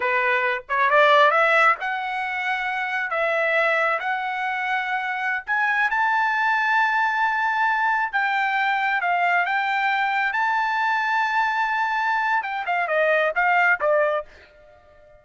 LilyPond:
\new Staff \with { instrumentName = "trumpet" } { \time 4/4 \tempo 4 = 135 b'4. cis''8 d''4 e''4 | fis''2. e''4~ | e''4 fis''2.~ | fis''16 gis''4 a''2~ a''8.~ |
a''2~ a''16 g''4.~ g''16~ | g''16 f''4 g''2 a''8.~ | a''1 | g''8 f''8 dis''4 f''4 d''4 | }